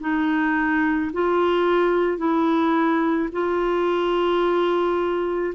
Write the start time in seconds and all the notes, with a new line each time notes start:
0.00 D#4
1.13 F4
2.18 E4
3.32 F4